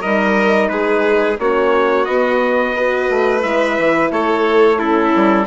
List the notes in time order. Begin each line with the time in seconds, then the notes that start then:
0.00 G3 D#4 A#4 D#5
0.68 G#3 G#4 B4
1.38 A#3 C#4 F#4 C#5
2.05 B3 D#5
2.75 F#4 B4
3.10 A3
3.41 G#3 E4 E5
3.78 E3
4.10 A3 A4 C#5
4.78 C#4 E4 A4
5.15 G3